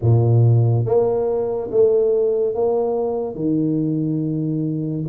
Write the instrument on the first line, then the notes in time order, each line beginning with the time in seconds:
tuba
0.01 A#2
0.85 A#3
1.70 A3
2.54 A#3
3.35 D#3